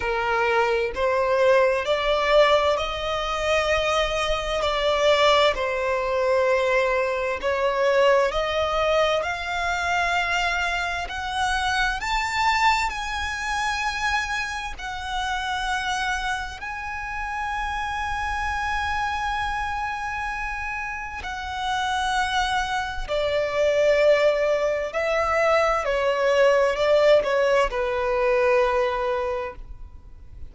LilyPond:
\new Staff \with { instrumentName = "violin" } { \time 4/4 \tempo 4 = 65 ais'4 c''4 d''4 dis''4~ | dis''4 d''4 c''2 | cis''4 dis''4 f''2 | fis''4 a''4 gis''2 |
fis''2 gis''2~ | gis''2. fis''4~ | fis''4 d''2 e''4 | cis''4 d''8 cis''8 b'2 | }